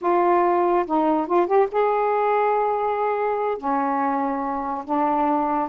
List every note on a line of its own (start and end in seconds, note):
0.01 0.85 F4
0.86 1.26 D#4
1.26 1.46 F4
1.46 1.67 G4
1.71 3.57 G#4
3.57 4.84 C#4
4.84 5.68 D4